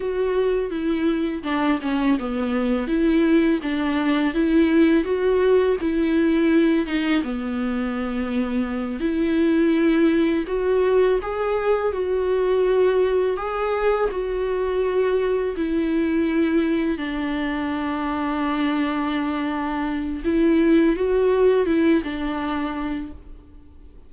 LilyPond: \new Staff \with { instrumentName = "viola" } { \time 4/4 \tempo 4 = 83 fis'4 e'4 d'8 cis'8 b4 | e'4 d'4 e'4 fis'4 | e'4. dis'8 b2~ | b8 e'2 fis'4 gis'8~ |
gis'8 fis'2 gis'4 fis'8~ | fis'4. e'2 d'8~ | d'1 | e'4 fis'4 e'8 d'4. | }